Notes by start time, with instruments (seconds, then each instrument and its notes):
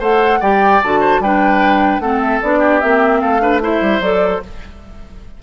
0.00 bassoon A3, clarinet A4, oboe C5, flute F#5
0.41 bassoon G3, clarinet G4, oboe D5, flute G5
0.83 bassoon D3, clarinet F#4, flute A5
1.01 oboe C5
1.20 bassoon G3, clarinet D4, oboe B4, flute G5
2.00 bassoon A3, clarinet C4, oboe A4, flute F#5
2.21 flute E5
2.42 bassoon B3, clarinet D4, flute D5
2.59 oboe G4
2.81 bassoon A#3, clarinet C4, flute E5
3.21 bassoon A3, oboe A4, flute F5
3.41 clarinet D4, oboe B4
3.62 clarinet E4, oboe C5, flute E5
3.82 bassoon G3
4.00 bassoon F#3, clarinet A4, flute D5